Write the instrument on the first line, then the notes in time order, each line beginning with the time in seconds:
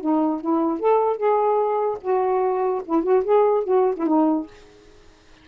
saxophone
0.00 D#4
0.40 E4
0.79 A4
1.17 G#4
2.01 F#4
2.85 E4
3.03 F#4
3.24 G#4
3.64 F#4
3.96 E4
4.06 D#4